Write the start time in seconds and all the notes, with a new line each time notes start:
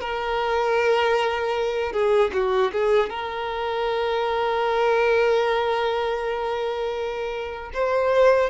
0.00 A#4
1.92 G#4
2.33 F#4
2.72 G#4
3.09 A#4
7.73 C5